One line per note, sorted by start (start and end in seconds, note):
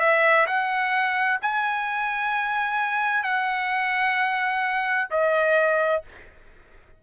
0.00 0.46 E5
0.47 1.39 F#5
1.42 3.23 G#5
3.23 5.08 F#5
5.11 6.03 D#5